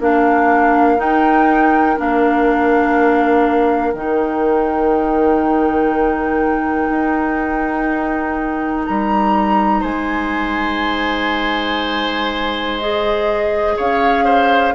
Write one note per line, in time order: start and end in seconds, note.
0.00 0.98 A#3
0.00 0.97 D4
0.00 9.81 A#4
0.00 1.00 F5
0.97 1.96 D#4
0.97 1.97 D#4
0.97 1.99 G5
1.97 3.94 A#3
1.97 3.93 D4
1.97 3.92 F5
3.92 6.89 D#3
3.92 12.80 D#4
3.92 8.84 G5
6.90 8.86 D#4
8.85 9.83 G3
8.85 9.83 A#5
9.81 13.76 G#3
9.81 13.74 C5
9.81 12.78 G#5
12.79 14.75 G#4
12.79 13.77 D#5
13.76 14.75 C#4
13.76 14.25 C#5
13.76 14.75 F5
14.25 14.74 C5